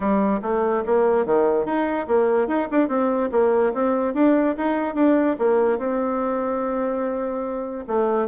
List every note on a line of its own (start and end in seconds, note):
0.00 0.40 G3
0.42 0.83 A3
0.86 1.25 A#3
1.25 1.65 D#3
1.65 2.07 D#4
2.07 2.47 A#3
2.47 2.68 D#4
2.71 2.88 D4
2.88 3.29 C4
3.31 3.73 A#3
3.73 4.14 C4
4.14 4.55 D4
4.57 4.94 D#4
4.94 5.36 D4
5.38 5.78 A#3
5.78 7.85 C4
7.87 8.27 A3